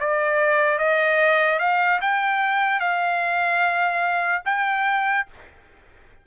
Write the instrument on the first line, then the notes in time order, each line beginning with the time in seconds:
trumpet
0.00 D5
0.79 D#5
1.59 F5
2.01 G5
2.80 F5
4.46 G5